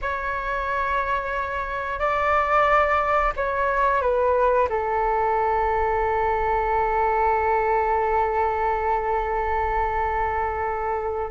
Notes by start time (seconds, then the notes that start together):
0.01 C#5
1.99 D5
3.36 C#5
4.01 B4
4.68 A4